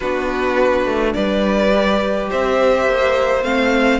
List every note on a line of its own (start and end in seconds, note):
0.00 0.85 B3
0.00 1.70 D4
0.00 1.15 F#4
0.00 1.13 B4
0.85 1.14 A3
1.13 2.30 G3
1.13 2.29 B4
1.13 2.28 D5
1.70 3.41 G4
2.29 2.86 C4
2.29 3.99 C5
2.29 3.43 E5
2.86 3.43 A#3
3.43 3.99 A3
3.43 3.99 C4
3.43 3.99 F5